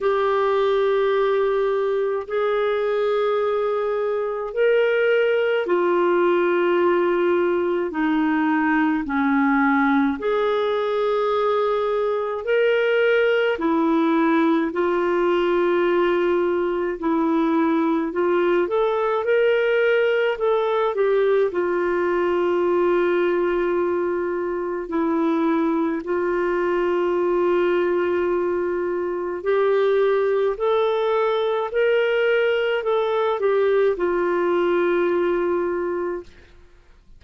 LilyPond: \new Staff \with { instrumentName = "clarinet" } { \time 4/4 \tempo 4 = 53 g'2 gis'2 | ais'4 f'2 dis'4 | cis'4 gis'2 ais'4 | e'4 f'2 e'4 |
f'8 a'8 ais'4 a'8 g'8 f'4~ | f'2 e'4 f'4~ | f'2 g'4 a'4 | ais'4 a'8 g'8 f'2 | }